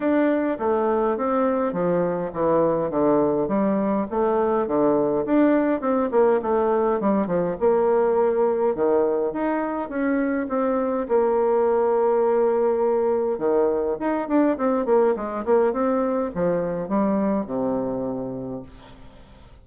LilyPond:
\new Staff \with { instrumentName = "bassoon" } { \time 4/4 \tempo 4 = 103 d'4 a4 c'4 f4 | e4 d4 g4 a4 | d4 d'4 c'8 ais8 a4 | g8 f8 ais2 dis4 |
dis'4 cis'4 c'4 ais4~ | ais2. dis4 | dis'8 d'8 c'8 ais8 gis8 ais8 c'4 | f4 g4 c2 | }